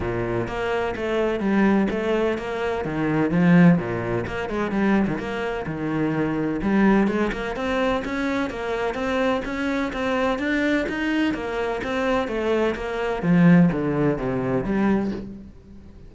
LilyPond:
\new Staff \with { instrumentName = "cello" } { \time 4/4 \tempo 4 = 127 ais,4 ais4 a4 g4 | a4 ais4 dis4 f4 | ais,4 ais8 gis8 g8. dis16 ais4 | dis2 g4 gis8 ais8 |
c'4 cis'4 ais4 c'4 | cis'4 c'4 d'4 dis'4 | ais4 c'4 a4 ais4 | f4 d4 c4 g4 | }